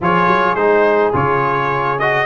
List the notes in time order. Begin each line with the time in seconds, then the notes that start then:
0.00 F3 F4 G#4 C#5
0.27 F#3
0.55 G#3 D#4 C5
1.12 C#3 F4 C#5
1.99 F#4 D#5